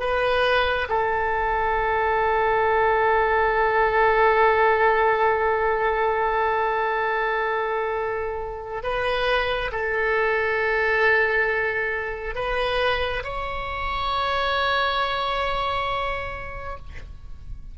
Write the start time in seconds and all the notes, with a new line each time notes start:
0.00 B4
0.89 A4
8.83 B4
9.72 A4
12.35 B4
13.24 C#5